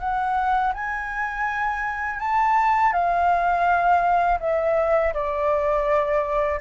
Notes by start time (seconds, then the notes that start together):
0.00 F#5
0.74 G#5
2.20 A5
2.93 F5
4.40 E5
5.14 D5